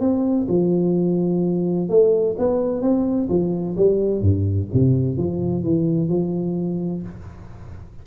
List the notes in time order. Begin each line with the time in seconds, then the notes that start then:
0.00 C4
0.48 F3
1.89 A3
2.38 B3
2.81 C4
3.29 F3
3.77 G3
4.21 G2
4.73 C3
5.17 F3
5.63 E3
6.09 F3